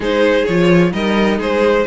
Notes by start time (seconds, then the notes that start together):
0.00 G#3 D#4 G#4 C5
0.45 F3 F4 C#5
0.92 G3 D#4 A#4 D#5
1.38 G#3 G#4 C5